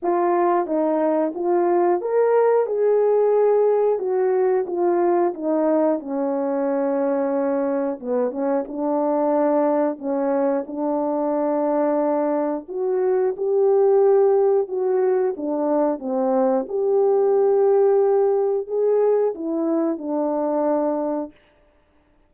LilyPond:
\new Staff \with { instrumentName = "horn" } { \time 4/4 \tempo 4 = 90 f'4 dis'4 f'4 ais'4 | gis'2 fis'4 f'4 | dis'4 cis'2. | b8 cis'8 d'2 cis'4 |
d'2. fis'4 | g'2 fis'4 d'4 | c'4 g'2. | gis'4 e'4 d'2 | }